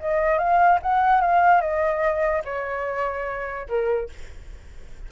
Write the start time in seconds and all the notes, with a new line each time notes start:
0.00 D#5
0.38 F5
0.82 F#5
1.21 F5
1.61 D#5
2.45 C#5
3.69 A#4